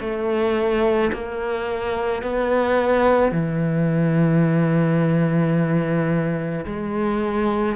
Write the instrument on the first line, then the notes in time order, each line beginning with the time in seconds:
cello
0.00 A3
1.13 A#3
2.22 B3
3.32 E3
6.66 G#3